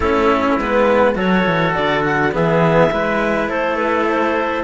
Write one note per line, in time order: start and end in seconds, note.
0.00 0.56 A3
0.00 0.60 C#4
0.00 1.15 E4
0.00 0.58 A4
0.57 1.16 G#3
0.57 1.15 B3
0.57 1.17 B4
1.15 1.45 F#3
1.15 2.31 F#4
1.15 2.33 A4
1.15 1.74 C#5
1.46 1.75 E3
1.74 2.35 D3
1.74 2.04 D5
2.04 2.33 F#5
2.31 2.92 E3
2.31 2.90 B3
2.31 2.92 G#4
2.31 3.49 E5
2.91 3.48 G#3
2.91 4.63 E4
2.91 3.49 B4
3.48 4.63 A3
3.48 4.63 A4
3.48 3.76 C5
3.76 4.06 B4
4.08 4.63 C5